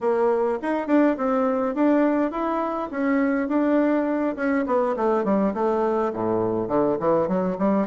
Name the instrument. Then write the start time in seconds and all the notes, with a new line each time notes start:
bassoon
0.00 A#3
0.62 D#4
0.87 D4
1.17 C4
1.74 D4
2.31 E4
2.90 C#4
3.48 D4
4.36 C#4
4.66 B3
4.96 A3
5.24 G3
5.54 A3
6.13 A2
6.68 D3
6.99 E3
7.28 F#3
7.58 G3